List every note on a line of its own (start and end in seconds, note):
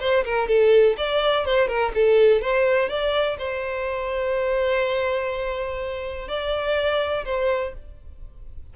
0.00 0.24 C5
0.24 0.48 A#4
0.48 0.96 A4
0.97 1.45 D5
1.45 1.68 C5
1.68 1.92 A#4
1.94 2.41 A4
2.41 2.89 C5
2.89 3.37 D5
3.38 6.28 C5
6.28 7.24 D5
7.25 7.73 C5